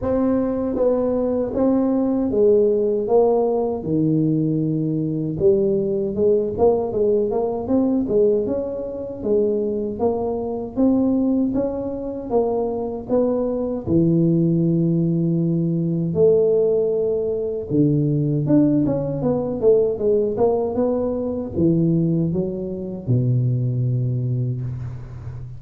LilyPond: \new Staff \with { instrumentName = "tuba" } { \time 4/4 \tempo 4 = 78 c'4 b4 c'4 gis4 | ais4 dis2 g4 | gis8 ais8 gis8 ais8 c'8 gis8 cis'4 | gis4 ais4 c'4 cis'4 |
ais4 b4 e2~ | e4 a2 d4 | d'8 cis'8 b8 a8 gis8 ais8 b4 | e4 fis4 b,2 | }